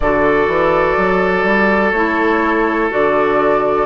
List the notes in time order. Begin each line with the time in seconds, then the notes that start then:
0.00 D3 F#4 A4 D5
0.47 E3
0.97 F#3
1.43 G3
1.91 A3 E4 C#5
2.90 D3 F#4 D5